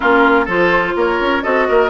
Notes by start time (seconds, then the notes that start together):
0.00 A#3 C#4 F4 A#4
0.45 F3 F4 A4 C5
0.95 A#3 A#4 C#5
1.20 C#4
1.42 C4 F#4 A4 D#5
1.68 A#3 A#4